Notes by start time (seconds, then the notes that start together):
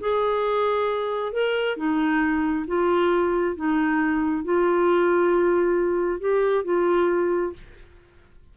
0.00 G#4
1.33 A#4
1.77 D#4
2.67 F4
3.56 D#4
4.44 F4
6.20 G4
6.65 F4